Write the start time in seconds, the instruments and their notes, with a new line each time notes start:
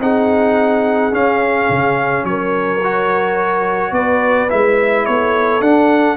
0.00 tuba C4, trombone D#4, horn G#4, trumpet F#5
1.12 trombone C#4, tuba C#4, trumpet F5
1.70 tuba C#3
2.24 tuba F#3, horn A#4, trumpet C#5
2.84 trombone F#4
3.92 tuba B3, horn B4, trumpet D5
4.50 tuba G#3, trombone E4, trumpet E5
5.06 tuba B3, horn A4, trumpet C#5
5.61 tuba D4, trombone D4, trumpet F#5